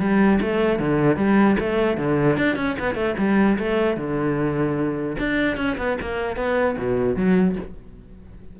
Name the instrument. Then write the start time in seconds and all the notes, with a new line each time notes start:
cello
0.00 G3
0.41 A3
0.80 D3
1.17 G3
1.60 A3
1.98 D3
2.38 D4
2.57 C#4
2.80 B3
2.95 A3
3.19 G3
3.59 A3
3.97 D3
5.19 D4
5.57 C#4
5.78 B3
6.01 A#3
6.37 B3
6.78 B2
7.16 F#3